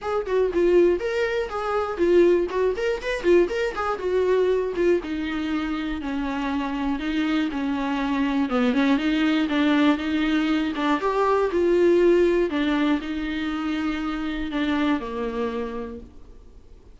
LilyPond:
\new Staff \with { instrumentName = "viola" } { \time 4/4 \tempo 4 = 120 gis'8 fis'8 f'4 ais'4 gis'4 | f'4 fis'8 ais'8 b'8 f'8 ais'8 gis'8 | fis'4. f'8 dis'2 | cis'2 dis'4 cis'4~ |
cis'4 b8 cis'8 dis'4 d'4 | dis'4. d'8 g'4 f'4~ | f'4 d'4 dis'2~ | dis'4 d'4 ais2 | }